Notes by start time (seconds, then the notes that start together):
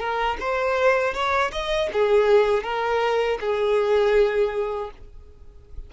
0.00 A#4
0.40 C5
1.14 C#5
1.52 D#5
1.93 G#4
2.64 A#4
3.41 G#4